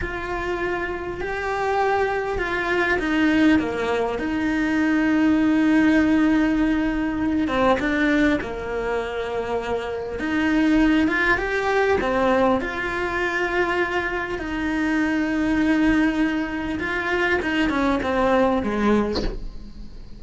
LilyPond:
\new Staff \with { instrumentName = "cello" } { \time 4/4 \tempo 4 = 100 f'2 g'2 | f'4 dis'4 ais4 dis'4~ | dis'1~ | dis'8 c'8 d'4 ais2~ |
ais4 dis'4. f'8 g'4 | c'4 f'2. | dis'1 | f'4 dis'8 cis'8 c'4 gis4 | }